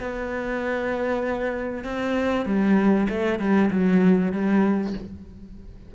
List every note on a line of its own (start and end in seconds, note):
0.00 1.84 B3
1.84 2.46 C4
2.46 3.08 G3
3.09 3.39 A3
3.39 3.70 G3
3.71 4.32 F#3
4.32 4.94 G3